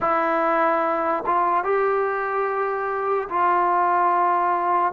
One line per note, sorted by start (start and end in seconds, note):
0.00 1.24 E4
1.26 1.64 F4
1.64 3.28 G4
3.29 4.92 F4